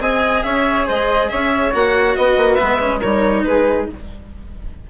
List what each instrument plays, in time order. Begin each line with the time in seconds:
0.00 bassoon C4, cello G#4, flute D#5, violin G#5
0.43 bassoon C#4, flute C#5, violin E5
0.87 bassoon G#3, flute C5, violin D#5
1.29 bassoon C#4, flute C#5, violin E5
1.72 bassoon A#3, cello F#4, violin F#5
2.16 bassoon B3, flute B4, violin D#5
2.37 bassoon A#3
2.55 cello B3, violin E5
2.63 bassoon G#3
2.80 cello C#4
2.99 bassoon G3, cello D#4, flute A#4, violin C#5
3.44 bassoon G#3, flute G#4, violin B4